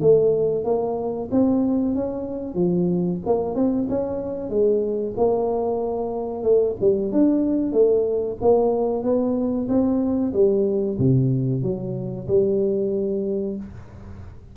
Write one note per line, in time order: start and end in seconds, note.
0.00 0.64 A3
0.64 1.29 A#3
1.31 1.94 C4
1.94 2.54 C#4
2.54 3.18 F3
3.26 3.55 A#3
3.55 3.87 C4
3.89 4.49 C#4
4.49 5.13 G#3
5.16 6.43 A#3
6.43 6.75 A3
6.80 7.12 G3
7.12 7.72 D4
7.72 8.37 A3
8.41 9.03 A#3
9.03 9.67 B3
9.68 10.33 C4
10.33 10.97 G3
10.98 11.62 C3
11.62 12.27 F#3
12.27 13.56 G3